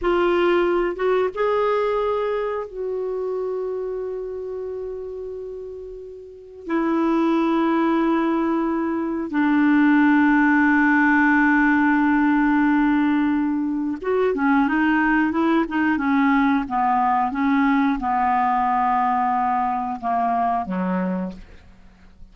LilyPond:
\new Staff \with { instrumentName = "clarinet" } { \time 4/4 \tempo 4 = 90 f'4. fis'8 gis'2 | fis'1~ | fis'2 e'2~ | e'2 d'2~ |
d'1~ | d'4 fis'8 cis'8 dis'4 e'8 dis'8 | cis'4 b4 cis'4 b4~ | b2 ais4 fis4 | }